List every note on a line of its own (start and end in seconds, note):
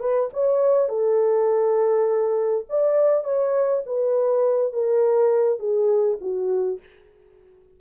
0.00 0.29 B4
0.33 0.89 C#5
0.89 2.66 A4
2.70 3.24 D5
3.24 3.83 C#5
3.86 4.73 B4
4.73 5.59 A#4
5.59 6.18 G#4
6.21 6.80 F#4